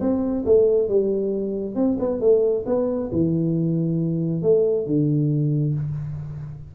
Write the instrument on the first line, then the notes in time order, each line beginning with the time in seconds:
tuba
0.00 C4
0.45 A3
0.88 G3
1.75 C4
1.99 B3
2.20 A3
2.66 B3
3.12 E3
4.42 A3
4.86 D3